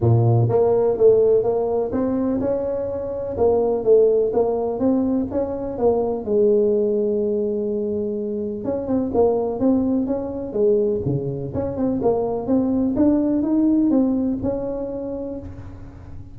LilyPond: \new Staff \with { instrumentName = "tuba" } { \time 4/4 \tempo 4 = 125 ais,4 ais4 a4 ais4 | c'4 cis'2 ais4 | a4 ais4 c'4 cis'4 | ais4 gis2.~ |
gis2 cis'8 c'8 ais4 | c'4 cis'4 gis4 cis4 | cis'8 c'8 ais4 c'4 d'4 | dis'4 c'4 cis'2 | }